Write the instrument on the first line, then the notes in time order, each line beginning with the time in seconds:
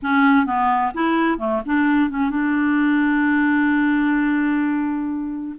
clarinet
0.02 C#4
0.46 B3
0.93 E4
1.38 A3
1.65 D4
2.10 C#4
2.30 D4